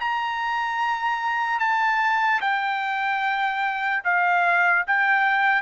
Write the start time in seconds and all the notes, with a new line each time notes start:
0.00 A#5
1.59 A5
2.41 G5
4.04 F5
4.86 G5